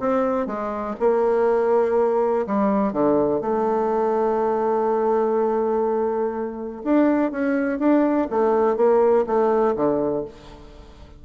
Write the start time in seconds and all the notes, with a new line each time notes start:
0.00 C4
0.47 G#3
1.00 A#3
2.47 G3
2.92 D3
3.41 A3
6.84 D4
7.32 C#4
7.79 D4
8.30 A3
8.77 A#3
9.26 A3
9.76 D3